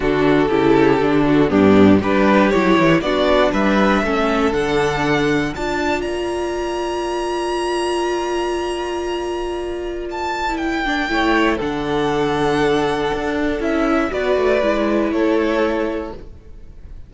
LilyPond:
<<
  \new Staff \with { instrumentName = "violin" } { \time 4/4 \tempo 4 = 119 a'2. g'4 | b'4 cis''4 d''4 e''4~ | e''4 fis''2 a''4 | ais''1~ |
ais''1 | a''4 g''2 fis''4~ | fis''2. e''4 | d''2 cis''2 | }
  \new Staff \with { instrumentName = "violin" } { \time 4/4 fis'4 g'4. fis'8 d'4 | g'2 fis'4 b'4 | a'2. d''4~ | d''1~ |
d''1~ | d''2 cis''4 a'4~ | a'1 | b'2 a'2 | }
  \new Staff \with { instrumentName = "viola" } { \time 4/4 d'4 e'4 d'4 b4 | d'4 e'4 d'2 | cis'4 d'2 f'4~ | f'1~ |
f'1~ | f'8. e'8. d'8 e'4 d'4~ | d'2. e'4 | fis'4 e'2. | }
  \new Staff \with { instrumentName = "cello" } { \time 4/4 d4 cis4 d4 g,4 | g4 fis8 e8 b4 g4 | a4 d2 d'4 | ais1~ |
ais1~ | ais2 a4 d4~ | d2 d'4 cis'4 | b8 a8 gis4 a2 | }
>>